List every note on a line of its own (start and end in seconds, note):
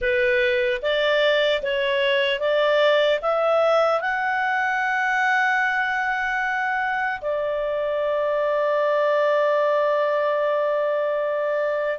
0.01 0.81 B4
0.81 1.61 D5
1.62 2.39 C#5
2.39 3.19 D5
3.21 4.00 E5
4.00 7.20 F#5
7.21 11.99 D5